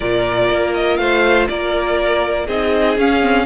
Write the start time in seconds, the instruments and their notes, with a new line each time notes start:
0.00 cello A#2, viola F4, violin A#4 D5
0.50 cello A#3
0.74 violin D#5
0.96 cello A3, violin C5 F5
1.48 cello A#3, violin A#4 D5
2.46 cello C4, viola D#4, violin G#4 D#5
2.97 cello C#4, viola C#4, violin F5
3.22 viola C4